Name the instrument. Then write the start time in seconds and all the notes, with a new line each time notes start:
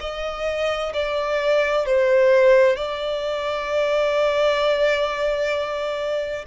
violin
0.00 D#5
0.94 D5
1.86 C5
2.76 D5